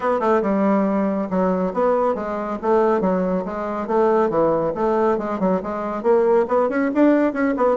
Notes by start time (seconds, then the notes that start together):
0.00 B3
0.19 A3
0.42 G3
1.29 F#3
1.73 B3
2.14 G#3
2.62 A3
3.00 F#3
3.45 G#3
3.87 A3
4.29 E3
4.74 A3
5.17 G#3
5.39 F#3
5.62 G#3
6.02 A#3
6.47 B3
6.69 C#4
6.94 D4
7.33 C#4
7.57 B3